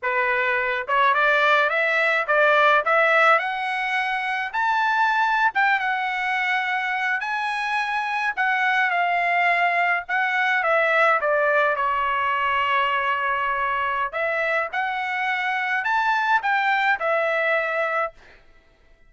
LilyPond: \new Staff \with { instrumentName = "trumpet" } { \time 4/4 \tempo 4 = 106 b'4. cis''8 d''4 e''4 | d''4 e''4 fis''2 | a''4.~ a''16 g''8 fis''4.~ fis''16~ | fis''8. gis''2 fis''4 f''16~ |
f''4.~ f''16 fis''4 e''4 d''16~ | d''8. cis''2.~ cis''16~ | cis''4 e''4 fis''2 | a''4 g''4 e''2 | }